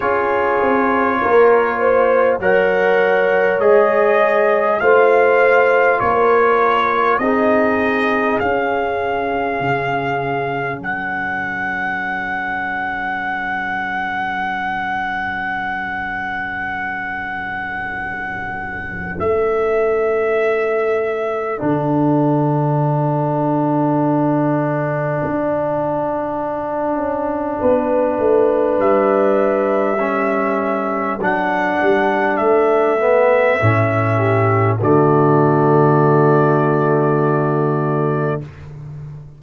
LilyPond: <<
  \new Staff \with { instrumentName = "trumpet" } { \time 4/4 \tempo 4 = 50 cis''2 fis''4 dis''4 | f''4 cis''4 dis''4 f''4~ | f''4 fis''2.~ | fis''1 |
e''2 fis''2~ | fis''1 | e''2 fis''4 e''4~ | e''4 d''2. | }
  \new Staff \with { instrumentName = "horn" } { \time 4/4 gis'4 ais'8 c''8 cis''2 | c''4 ais'4 gis'2~ | gis'4 a'2.~ | a'1~ |
a'1~ | a'2. b'4~ | b'4 a'2.~ | a'8 g'8 fis'2. | }
  \new Staff \with { instrumentName = "trombone" } { \time 4/4 f'2 ais'4 gis'4 | f'2 dis'4 cis'4~ | cis'1~ | cis'1~ |
cis'2 d'2~ | d'1~ | d'4 cis'4 d'4. b8 | cis'4 a2. | }
  \new Staff \with { instrumentName = "tuba" } { \time 4/4 cis'8 c'8 ais4 fis4 gis4 | a4 ais4 c'4 cis'4 | cis4 fis2.~ | fis1 |
a2 d2~ | d4 d'4. cis'8 b8 a8 | g2 fis8 g8 a4 | a,4 d2. | }
>>